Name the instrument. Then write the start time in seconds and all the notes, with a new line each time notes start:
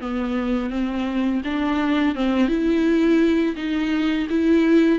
viola
0.00 B3
0.70 C4
1.44 D4
2.15 C4
2.48 E4
3.56 D#4
4.30 E4